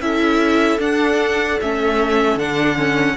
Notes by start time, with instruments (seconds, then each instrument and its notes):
0.00 cello C#4, viola E4, violin A4 E5
0.79 viola D4, cello D4, violin F#5
1.61 cello A3, viola C#4, violin E5
2.36 cello D3, viola D4, violin F#5
2.76 viola C#4